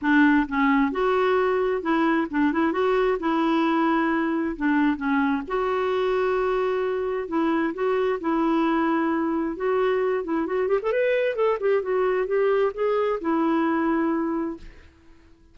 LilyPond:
\new Staff \with { instrumentName = "clarinet" } { \time 4/4 \tempo 4 = 132 d'4 cis'4 fis'2 | e'4 d'8 e'8 fis'4 e'4~ | e'2 d'4 cis'4 | fis'1 |
e'4 fis'4 e'2~ | e'4 fis'4. e'8 fis'8 g'16 a'16 | b'4 a'8 g'8 fis'4 g'4 | gis'4 e'2. | }